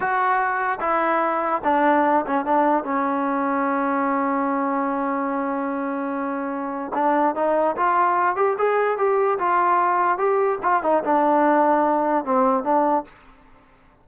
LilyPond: \new Staff \with { instrumentName = "trombone" } { \time 4/4 \tempo 4 = 147 fis'2 e'2 | d'4. cis'8 d'4 cis'4~ | cis'1~ | cis'1~ |
cis'4 d'4 dis'4 f'4~ | f'8 g'8 gis'4 g'4 f'4~ | f'4 g'4 f'8 dis'8 d'4~ | d'2 c'4 d'4 | }